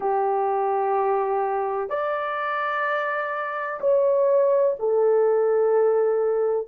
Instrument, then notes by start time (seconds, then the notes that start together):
horn
0.00 G4
1.89 D5
3.80 C#5
4.79 A4